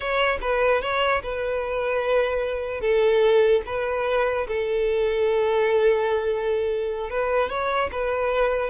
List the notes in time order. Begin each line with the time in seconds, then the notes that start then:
0.00 C#5
0.41 B4
0.81 C#5
1.22 B4
2.80 A4
3.66 B4
4.47 A4
7.10 B4
7.49 C#5
7.91 B4